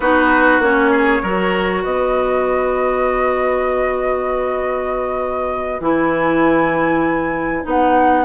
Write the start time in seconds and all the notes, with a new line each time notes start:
0.00 B3 D#4 F#4 B4
0.59 A#3 C#4 C#5
0.91 G#4
1.22 F#3 F#4 A#4
1.82 B3 B4 D#5
5.80 E3 E4 G#5
7.63 B3 D#4 F#5